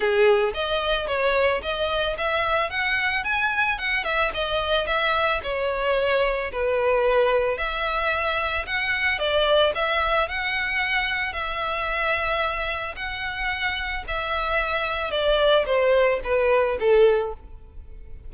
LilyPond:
\new Staff \with { instrumentName = "violin" } { \time 4/4 \tempo 4 = 111 gis'4 dis''4 cis''4 dis''4 | e''4 fis''4 gis''4 fis''8 e''8 | dis''4 e''4 cis''2 | b'2 e''2 |
fis''4 d''4 e''4 fis''4~ | fis''4 e''2. | fis''2 e''2 | d''4 c''4 b'4 a'4 | }